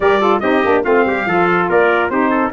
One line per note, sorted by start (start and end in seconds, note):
0.00 0.39 G3
0.00 0.19 G4
0.00 0.21 A#4
0.00 0.40 D5
0.19 0.40 F4
0.19 0.42 A4
0.40 0.63 C4
0.40 0.63 D#4
0.40 0.84 G4
0.40 0.81 D#5
0.63 0.84 A#3
0.63 0.83 D4
0.83 1.05 A3
0.83 1.25 C4
0.83 1.05 F4
0.83 1.68 F5
1.05 1.26 G3
1.05 1.28 G4
1.26 1.68 F3
1.26 2.10 F4
1.26 1.69 A4
1.69 2.10 A#3
1.69 2.11 A#4
1.69 2.09 D5
2.09 2.52 C4
2.09 2.52 D#4
2.09 2.30 G4
2.09 2.51 C5
2.30 2.51 A4